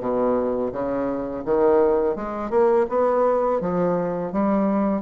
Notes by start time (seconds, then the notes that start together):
0.00 B2
0.72 C#3
1.45 D#3
2.16 G#3
2.50 A#3
2.89 B3
3.61 F3
4.32 G3